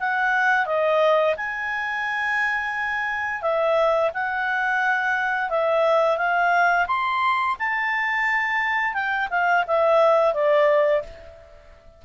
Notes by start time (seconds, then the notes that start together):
0.00 F#5
0.66 D#5
1.37 G#5
3.42 E5
4.14 F#5
5.50 E5
6.17 F5
6.87 C6
7.59 A5
8.93 G5
9.30 F5
9.67 E5
10.34 D5